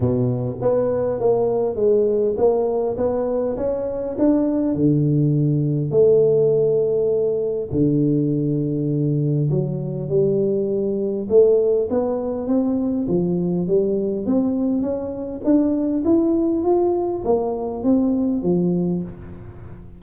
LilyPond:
\new Staff \with { instrumentName = "tuba" } { \time 4/4 \tempo 4 = 101 b,4 b4 ais4 gis4 | ais4 b4 cis'4 d'4 | d2 a2~ | a4 d2. |
fis4 g2 a4 | b4 c'4 f4 g4 | c'4 cis'4 d'4 e'4 | f'4 ais4 c'4 f4 | }